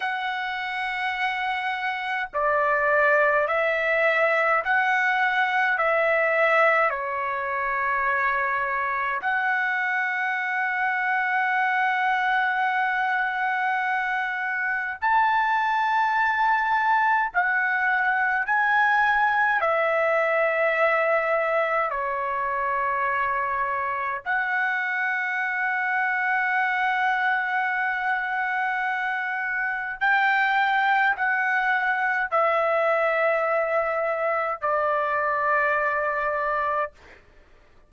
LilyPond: \new Staff \with { instrumentName = "trumpet" } { \time 4/4 \tempo 4 = 52 fis''2 d''4 e''4 | fis''4 e''4 cis''2 | fis''1~ | fis''4 a''2 fis''4 |
gis''4 e''2 cis''4~ | cis''4 fis''2.~ | fis''2 g''4 fis''4 | e''2 d''2 | }